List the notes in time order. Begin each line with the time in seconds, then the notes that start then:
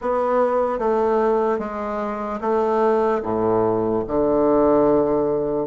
0.01 B3
0.79 A3
1.58 G#3
2.40 A3
3.22 A2
4.07 D3